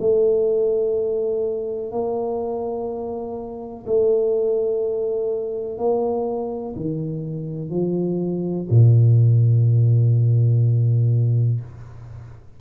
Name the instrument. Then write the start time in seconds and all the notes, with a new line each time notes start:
tuba
0.00 A3
1.92 A#3
3.87 A3
5.78 A#3
6.76 D#3
7.70 F3
8.71 A#2